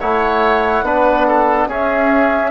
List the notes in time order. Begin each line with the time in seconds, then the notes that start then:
0.00 A3 E4 C#5 F#5
0.82 B3 D4 B4
1.27 A4
1.66 C#4 G#4 E5